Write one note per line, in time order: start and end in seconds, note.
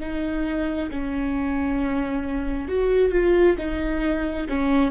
0.00 0.90 D#4
0.91 2.68 C#4
2.68 3.12 F#4
3.12 3.57 F4
3.58 4.47 D#4
4.49 4.91 C#4